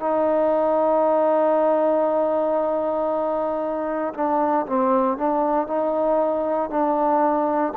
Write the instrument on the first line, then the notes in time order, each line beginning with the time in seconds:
trombone
0.00 D#4
4.14 D4
4.66 C4
5.18 D4
5.68 D#4
6.70 D4